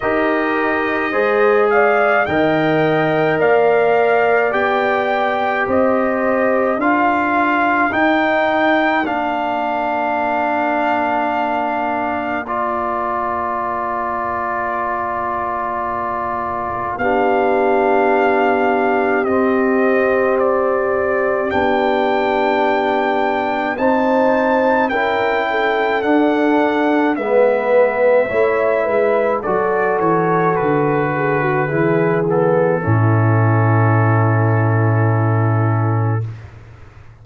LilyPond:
<<
  \new Staff \with { instrumentName = "trumpet" } { \time 4/4 \tempo 4 = 53 dis''4. f''8 g''4 f''4 | g''4 dis''4 f''4 g''4 | f''2. d''4~ | d''2. f''4~ |
f''4 dis''4 d''4 g''4~ | g''4 a''4 g''4 fis''4 | e''2 d''8 cis''8 b'4~ | b'8 a'2.~ a'8 | }
  \new Staff \with { instrumentName = "horn" } { \time 4/4 ais'4 c''8 d''8 dis''4 d''4~ | d''4 c''4 ais'2~ | ais'1~ | ais'2. g'4~ |
g'1~ | g'4 c''4 ais'8 a'4. | b'4 cis''8 b'8 a'4. gis'16 fis'16 | gis'4 e'2. | }
  \new Staff \with { instrumentName = "trombone" } { \time 4/4 g'4 gis'4 ais'2 | g'2 f'4 dis'4 | d'2. f'4~ | f'2. d'4~ |
d'4 c'2 d'4~ | d'4 dis'4 e'4 d'4 | b4 e'4 fis'2 | e'8 b8 cis'2. | }
  \new Staff \with { instrumentName = "tuba" } { \time 4/4 dis'4 gis4 dis4 ais4 | b4 c'4 d'4 dis'4 | ais1~ | ais2. b4~ |
b4 c'2 b4~ | b4 c'4 cis'4 d'4 | gis4 a8 gis8 fis8 e8 d4 | e4 a,2. | }
>>